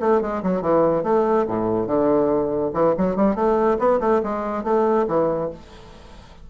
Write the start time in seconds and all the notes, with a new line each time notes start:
0.00 A3
0.21 G#3
0.43 F#3
0.62 E3
1.03 A3
1.47 A2
1.87 D3
2.73 E3
2.98 F#3
3.16 G3
3.35 A3
3.79 B3
4.00 A3
4.23 G#3
4.64 A3
5.08 E3